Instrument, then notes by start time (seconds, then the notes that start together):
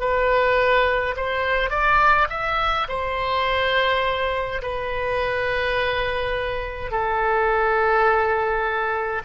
oboe
0.00 B4
1.16 C5
1.70 D5
2.30 E5
2.88 C5
4.62 B4
6.91 A4